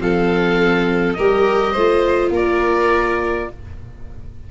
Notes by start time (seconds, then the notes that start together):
0.00 F3 C4 A4 F5
1.14 G3 G4 A#4 D#5
1.72 A3 F4 C5
2.30 A#3 A#4 D5